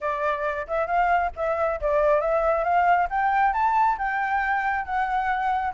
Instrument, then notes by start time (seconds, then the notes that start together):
flute
0.00 D5
0.67 E5
0.86 F5
1.36 E5
1.80 D5
2.21 E5
2.64 F5
3.10 G5
3.53 A5
3.98 G5
4.85 F#5